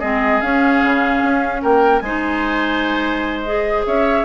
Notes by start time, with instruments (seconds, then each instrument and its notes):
0.00 bassoon G#3, clarinet C4, oboe G#4, flute D#5
0.41 clarinet C#4, bassoon C#4, flute F5
0.83 bassoon C#3
1.22 bassoon C#4
1.62 bassoon A#3, oboe A#4, flute G5
2.00 bassoon G#3, clarinet D#4, oboe C5, flute G#5
3.44 clarinet G#4, flute D#5
3.86 bassoon C#4, oboe C#5, flute E5